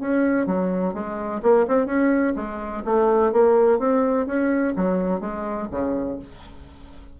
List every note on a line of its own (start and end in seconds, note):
0.00 0.46 C#4
0.46 0.94 F#3
0.94 1.41 G#3
1.42 1.66 A#3
1.67 1.86 C4
1.86 2.34 C#4
2.36 2.83 G#3
2.85 3.32 A3
3.32 3.79 A#3
3.79 4.26 C4
4.26 4.74 C#4
4.76 5.20 F#3
5.20 5.68 G#3
5.71 6.19 C#3